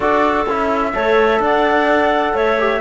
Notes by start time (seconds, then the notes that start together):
0.00 D4 F#4 A4 D5
0.46 C#4 E4 E5
0.94 A3 A4 C#5
1.39 D4 D5 F#5
2.33 A3 C#5 E5
2.58 G4